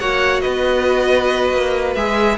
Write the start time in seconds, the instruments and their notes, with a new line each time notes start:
0.00 cello A#3, viola F#4, violin C#5 F#5
0.41 violin B4 D#5
0.47 cello B3
1.53 cello A#3
1.95 cello G#3, viola G#4, violin E5